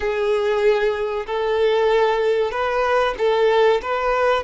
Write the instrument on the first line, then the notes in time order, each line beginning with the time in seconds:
violin
0.00 G#4
1.26 A4
2.51 B4
3.18 A4
3.82 B4